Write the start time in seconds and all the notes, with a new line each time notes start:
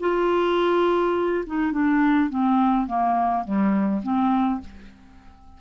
0.00 F4
1.46 D#4
1.72 D4
2.30 C4
2.87 A#3
3.44 G3
4.03 C4